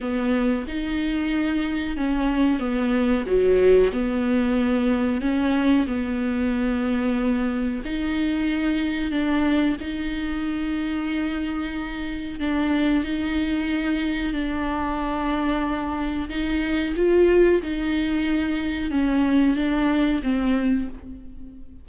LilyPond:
\new Staff \with { instrumentName = "viola" } { \time 4/4 \tempo 4 = 92 b4 dis'2 cis'4 | b4 fis4 b2 | cis'4 b2. | dis'2 d'4 dis'4~ |
dis'2. d'4 | dis'2 d'2~ | d'4 dis'4 f'4 dis'4~ | dis'4 cis'4 d'4 c'4 | }